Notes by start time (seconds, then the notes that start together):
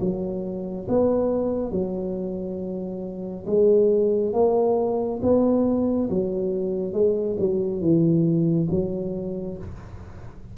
0.00 F#3
0.89 B3
1.72 F#3
3.46 G#3
4.33 A#3
5.22 B3
6.10 F#3
6.93 G#3
7.40 F#3
7.81 E3
8.71 F#3